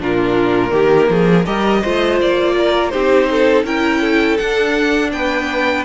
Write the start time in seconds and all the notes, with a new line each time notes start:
0.00 A#2 D4 F4 A#4
0.70 D#3 A#3 G4
1.09 F3 G#4
1.45 G3 G4 A#4 D#5
1.81 A3 F4 C5
2.21 A#3 D5
2.58 A#4
2.89 C4 D#4 G4 C5
3.30 A4
3.64 C#4 E4 A#4 G5
4.01 A4
4.37 D4 F#5
5.12 B3 B4 G5